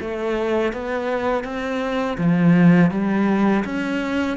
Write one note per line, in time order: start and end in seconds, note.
0.00 0.73 A3
0.73 1.44 B3
1.44 2.17 C4
2.18 2.91 F3
2.91 3.64 G3
3.65 4.37 C#4